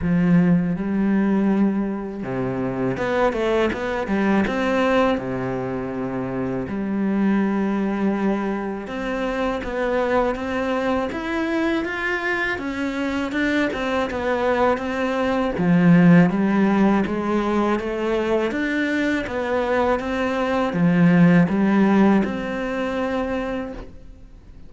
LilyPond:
\new Staff \with { instrumentName = "cello" } { \time 4/4 \tempo 4 = 81 f4 g2 c4 | b8 a8 b8 g8 c'4 c4~ | c4 g2. | c'4 b4 c'4 e'4 |
f'4 cis'4 d'8 c'8 b4 | c'4 f4 g4 gis4 | a4 d'4 b4 c'4 | f4 g4 c'2 | }